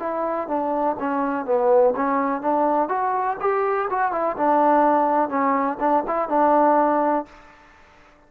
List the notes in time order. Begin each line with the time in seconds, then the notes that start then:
0.00 E4
0.48 D4
1.00 C#4
1.46 B3
1.97 C#4
2.42 D4
2.89 F#4
3.41 G4
3.90 F#4
4.12 E4
4.37 D4
5.30 C#4
5.80 D4
6.07 E4
6.29 D4